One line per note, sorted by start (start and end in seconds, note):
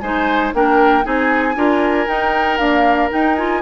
0.00 0.52 G#3
0.00 0.54 D#4
0.00 0.53 C5
0.00 0.51 G#5
0.53 1.04 A#3
0.53 1.03 D4
0.53 1.04 A#4
0.53 1.05 G5
1.03 1.55 C4
1.03 1.54 D#4
1.03 1.56 G#4
1.03 2.08 G#5
1.55 2.07 D4
1.55 2.07 F4
1.55 3.61 A#4
2.07 2.59 D#4
2.07 2.60 D#4
2.07 2.57 G5
2.57 3.10 A#3
2.57 3.10 D4
2.57 3.08 F5
3.10 3.35 D#4
3.10 3.61 D#4
3.10 3.35 G5
3.35 3.61 F4
3.35 3.61 G#5